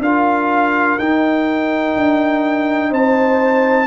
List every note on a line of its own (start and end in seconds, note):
0.00 0.97 D4
0.00 1.00 F4
0.00 2.91 A#4
0.00 0.99 F5
0.99 1.96 D#4
0.99 3.87 D#4
0.99 2.93 G5
1.97 2.92 D4
2.91 3.87 C4
2.91 3.87 C5
2.91 3.87 A5